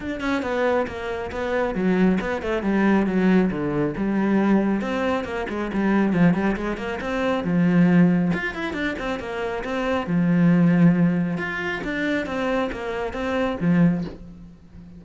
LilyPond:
\new Staff \with { instrumentName = "cello" } { \time 4/4 \tempo 4 = 137 d'8 cis'8 b4 ais4 b4 | fis4 b8 a8 g4 fis4 | d4 g2 c'4 | ais8 gis8 g4 f8 g8 gis8 ais8 |
c'4 f2 f'8 e'8 | d'8 c'8 ais4 c'4 f4~ | f2 f'4 d'4 | c'4 ais4 c'4 f4 | }